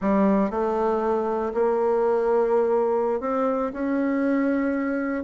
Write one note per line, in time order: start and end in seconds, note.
0.01 0.50 G3
0.50 1.52 A3
1.54 3.20 A#3
3.20 3.71 C4
3.73 5.23 C#4